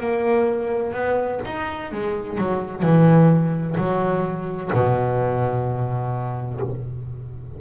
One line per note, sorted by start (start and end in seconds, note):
0.00 0.94 A#3
0.94 1.41 B3
1.46 1.93 D#4
1.93 2.38 G#3
2.38 2.83 F#3
2.83 3.76 E3
3.78 4.71 F#3
4.73 6.61 B2